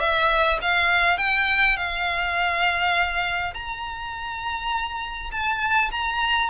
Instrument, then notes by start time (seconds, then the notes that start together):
violin
0.00 E5
0.61 F5
1.18 G5
1.77 F5
3.54 A#5
5.32 A5
5.91 A#5